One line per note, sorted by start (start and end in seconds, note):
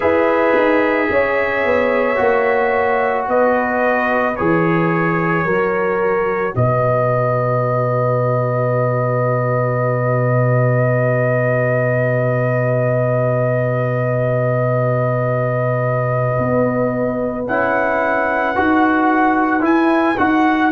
0.00 0.55 E4
0.00 2.15 G#4
0.00 1.09 B4
0.00 3.24 E5
0.55 1.09 D#4
1.10 1.64 C#4
1.10 3.29 C#5
1.64 2.19 B3
2.15 3.28 A#3
2.15 4.34 F#4
3.28 4.37 B3
3.28 5.44 B4
3.28 4.36 D#5
4.36 5.44 E3
4.36 5.46 G#4
4.36 6.54 C#5
5.44 6.53 F#3
5.44 17.46 F#4
5.44 6.53 A#4
6.55 16.37 B2
6.55 20.72 B4
6.55 17.46 D#5
16.38 17.47 B3
17.47 18.56 C#4
17.47 18.55 E4
17.47 19.65 F#5
18.55 19.62 D#4
18.55 19.60 F#4
19.60 20.15 E4
19.60 20.16 E4
19.60 20.18 G#5
20.17 20.72 D#4
20.17 20.72 F#4
20.17 20.72 F#5